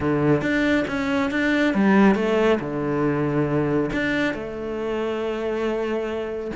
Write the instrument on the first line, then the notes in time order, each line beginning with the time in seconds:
cello
0.00 D3
0.41 D4
0.87 C#4
1.30 D4
1.74 G3
2.15 A3
2.60 D3
3.92 D4
4.33 A3